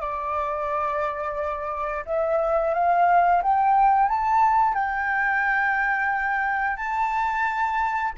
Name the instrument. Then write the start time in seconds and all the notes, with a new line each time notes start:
flute
0.00 D5
2.05 E5
2.74 F5
3.42 G5
4.09 A5
4.74 G5
6.76 A5